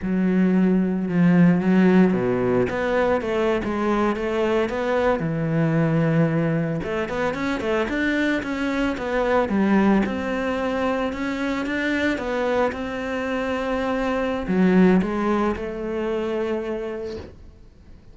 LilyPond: \new Staff \with { instrumentName = "cello" } { \time 4/4 \tempo 4 = 112 fis2 f4 fis4 | b,4 b4 a8. gis4 a16~ | a8. b4 e2~ e16~ | e8. a8 b8 cis'8 a8 d'4 cis'16~ |
cis'8. b4 g4 c'4~ c'16~ | c'8. cis'4 d'4 b4 c'16~ | c'2. fis4 | gis4 a2. | }